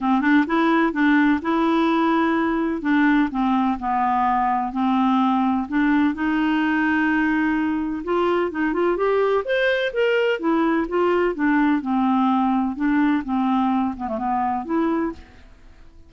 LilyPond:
\new Staff \with { instrumentName = "clarinet" } { \time 4/4 \tempo 4 = 127 c'8 d'8 e'4 d'4 e'4~ | e'2 d'4 c'4 | b2 c'2 | d'4 dis'2.~ |
dis'4 f'4 dis'8 f'8 g'4 | c''4 ais'4 e'4 f'4 | d'4 c'2 d'4 | c'4. b16 a16 b4 e'4 | }